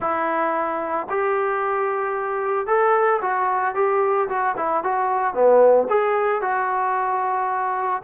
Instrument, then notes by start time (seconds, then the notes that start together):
trombone
0.00 E4
1.09 G4
2.66 A4
3.21 F#4
3.75 G4
4.29 F#4
4.56 E4
4.83 F#4
5.34 B3
5.89 G#4
6.41 F#4